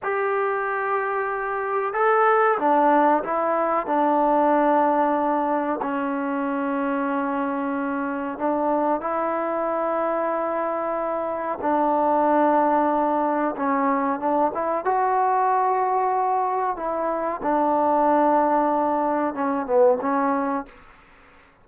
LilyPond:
\new Staff \with { instrumentName = "trombone" } { \time 4/4 \tempo 4 = 93 g'2. a'4 | d'4 e'4 d'2~ | d'4 cis'2.~ | cis'4 d'4 e'2~ |
e'2 d'2~ | d'4 cis'4 d'8 e'8 fis'4~ | fis'2 e'4 d'4~ | d'2 cis'8 b8 cis'4 | }